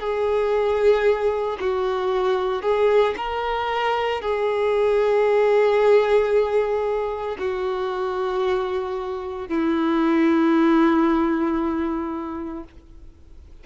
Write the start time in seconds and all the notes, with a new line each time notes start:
0.00 G#4
1.60 F#4
2.62 G#4
3.17 A#4
4.22 G#4
7.39 F#4
9.48 E4